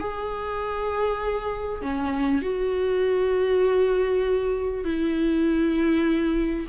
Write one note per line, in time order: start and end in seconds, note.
0.00 1.82 G#4
1.82 2.42 C#4
2.42 4.84 F#4
4.84 6.66 E4